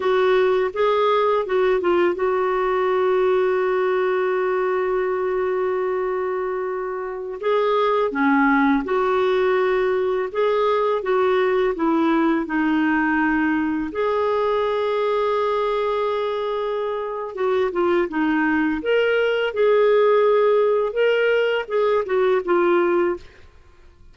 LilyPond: \new Staff \with { instrumentName = "clarinet" } { \time 4/4 \tempo 4 = 83 fis'4 gis'4 fis'8 f'8 fis'4~ | fis'1~ | fis'2~ fis'16 gis'4 cis'8.~ | cis'16 fis'2 gis'4 fis'8.~ |
fis'16 e'4 dis'2 gis'8.~ | gis'1 | fis'8 f'8 dis'4 ais'4 gis'4~ | gis'4 ais'4 gis'8 fis'8 f'4 | }